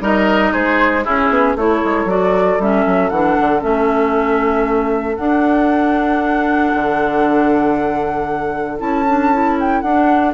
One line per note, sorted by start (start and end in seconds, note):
0.00 0.52 G3
0.00 1.04 D#4
0.00 0.52 A#4
0.00 0.53 D#5
0.52 1.06 G#3
0.52 1.04 G#4
0.52 1.05 C5
1.04 1.57 C#4
1.04 1.29 C#4
1.04 1.56 E4
1.04 1.56 G#4
1.29 1.55 B3
1.56 1.81 A3
1.56 2.08 E4
1.56 10.33 A4
1.56 2.09 C#5
1.84 2.05 G#3
2.05 2.56 F#3
2.05 2.59 F#4
2.05 2.61 D5
2.59 2.85 G3
2.59 3.12 C#4
2.59 3.09 E5
2.86 3.10 F#3
3.09 3.36 E3
3.09 3.60 D4
3.09 3.61 F#5
3.40 3.63 D3
3.60 5.18 A3
3.60 5.15 C#4
3.60 5.16 E5
5.16 6.73 D4
5.16 8.78 D4
5.16 8.78 F#5
6.74 8.80 D3
8.78 9.82 C#4
8.78 9.04 E4
8.78 9.57 A5
9.08 9.32 D4
9.32 9.84 E4
9.60 9.80 G5
9.80 10.33 D4
9.80 10.32 F#5